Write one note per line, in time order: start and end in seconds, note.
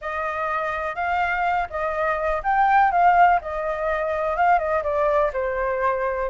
0.01 0.95 D#5
0.95 1.68 F5
1.69 2.42 D#5
2.43 2.91 G5
2.91 3.39 F5
3.41 4.36 D#5
4.36 4.58 F5
4.58 4.83 D#5
4.83 5.31 D5
5.33 6.29 C5